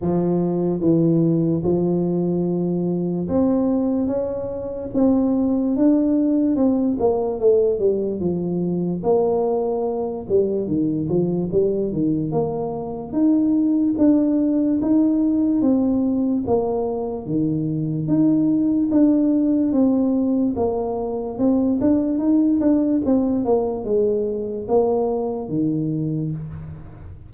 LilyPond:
\new Staff \with { instrumentName = "tuba" } { \time 4/4 \tempo 4 = 73 f4 e4 f2 | c'4 cis'4 c'4 d'4 | c'8 ais8 a8 g8 f4 ais4~ | ais8 g8 dis8 f8 g8 dis8 ais4 |
dis'4 d'4 dis'4 c'4 | ais4 dis4 dis'4 d'4 | c'4 ais4 c'8 d'8 dis'8 d'8 | c'8 ais8 gis4 ais4 dis4 | }